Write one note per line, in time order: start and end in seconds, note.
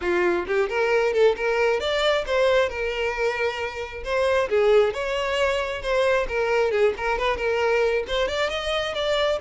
0.01 0.45 F4
0.47 0.69 G4
0.69 1.13 A#4
1.13 1.35 A4
1.36 1.80 A#4
1.80 2.24 D5
2.26 2.69 C5
2.69 4.03 A#4
4.04 4.48 C5
4.49 4.93 G#4
4.93 5.82 C#5
5.82 6.26 C5
6.28 6.71 A#4
6.71 6.93 G#4
6.97 7.18 A#4
7.18 7.37 B4
7.37 8.04 A#4
8.07 8.28 C5
8.28 8.49 D5
8.49 8.94 D#5
8.94 9.39 D5